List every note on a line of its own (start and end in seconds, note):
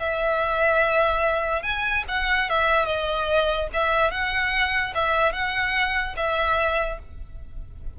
0.00 1.63 E5
1.63 2.04 G#5
2.09 2.50 F#5
2.50 2.86 E5
2.86 3.68 D#5
3.74 4.11 E5
4.11 4.94 F#5
4.95 5.33 E5
5.33 6.15 F#5
6.17 6.99 E5